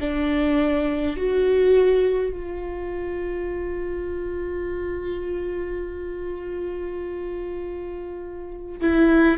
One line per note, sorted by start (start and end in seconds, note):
0.00 1.17 D4
1.17 2.33 F#4
2.33 8.80 F4
8.81 9.38 E4